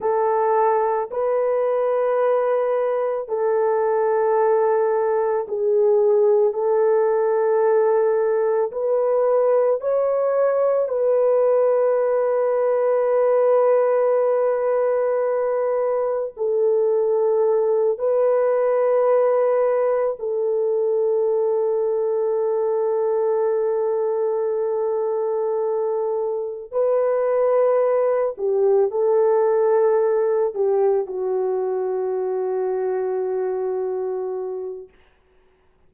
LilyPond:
\new Staff \with { instrumentName = "horn" } { \time 4/4 \tempo 4 = 55 a'4 b'2 a'4~ | a'4 gis'4 a'2 | b'4 cis''4 b'2~ | b'2. a'4~ |
a'8 b'2 a'4.~ | a'1~ | a'8 b'4. g'8 a'4. | g'8 fis'2.~ fis'8 | }